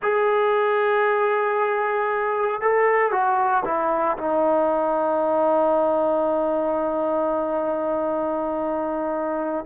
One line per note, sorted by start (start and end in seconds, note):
0.02 2.61 G#4
2.61 3.11 A4
3.11 3.63 F#4
3.65 4.17 E4
4.17 9.65 D#4